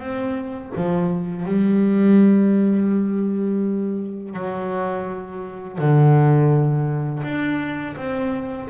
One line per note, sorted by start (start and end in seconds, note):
0.00 0.72 C4
0.77 1.46 F3
1.46 4.34 G3
4.34 5.79 F#3
5.79 7.24 D3
7.24 7.96 D4
7.97 8.69 C4